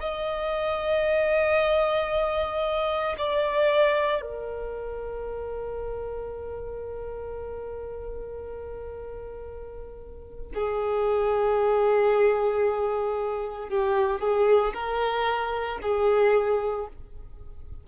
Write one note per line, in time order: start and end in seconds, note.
0.00 3.16 D#5
3.18 4.21 D5
4.21 10.53 A#4
10.55 13.69 G#4
13.69 14.20 G4
14.20 14.73 G#4
14.74 15.79 A#4
15.82 16.87 G#4